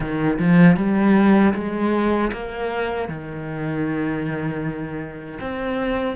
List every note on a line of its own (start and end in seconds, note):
0.00 0.38 D#3
0.38 0.76 F3
0.76 1.53 G3
1.54 2.31 G#3
2.32 3.08 A#3
3.08 5.38 D#3
5.40 6.16 C4